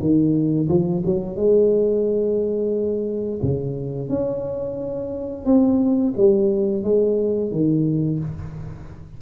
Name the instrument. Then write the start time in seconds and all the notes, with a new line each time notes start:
tuba
0.00 D#3
0.69 F3
1.05 F#3
1.36 G#3
3.42 C#3
4.09 C#4
5.45 C4
6.17 G3
6.83 G#3
7.51 D#3